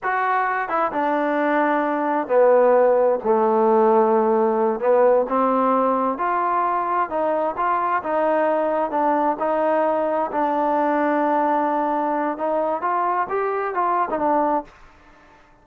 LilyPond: \new Staff \with { instrumentName = "trombone" } { \time 4/4 \tempo 4 = 131 fis'4. e'8 d'2~ | d'4 b2 a4~ | a2~ a8 b4 c'8~ | c'4. f'2 dis'8~ |
dis'8 f'4 dis'2 d'8~ | d'8 dis'2 d'4.~ | d'2. dis'4 | f'4 g'4 f'8. dis'16 d'4 | }